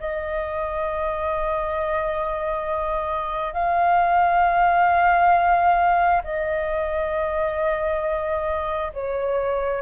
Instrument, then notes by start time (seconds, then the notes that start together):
flute
0.00 D#5
3.53 F5
6.24 D#5
8.93 C#5